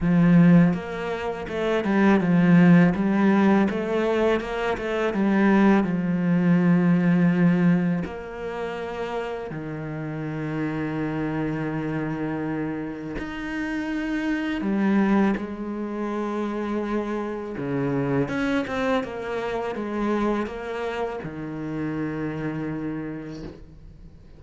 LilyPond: \new Staff \with { instrumentName = "cello" } { \time 4/4 \tempo 4 = 82 f4 ais4 a8 g8 f4 | g4 a4 ais8 a8 g4 | f2. ais4~ | ais4 dis2.~ |
dis2 dis'2 | g4 gis2. | cis4 cis'8 c'8 ais4 gis4 | ais4 dis2. | }